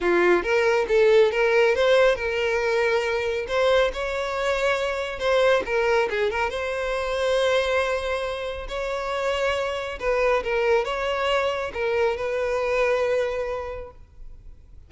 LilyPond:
\new Staff \with { instrumentName = "violin" } { \time 4/4 \tempo 4 = 138 f'4 ais'4 a'4 ais'4 | c''4 ais'2. | c''4 cis''2. | c''4 ais'4 gis'8 ais'8 c''4~ |
c''1 | cis''2. b'4 | ais'4 cis''2 ais'4 | b'1 | }